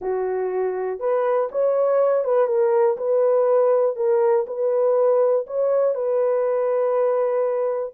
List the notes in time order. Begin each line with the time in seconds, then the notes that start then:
0.01 F#4
0.99 B4
1.51 C#5
2.24 B4
2.47 A#4
2.97 B4
3.96 A#4
4.46 B4
5.47 C#5
5.94 B4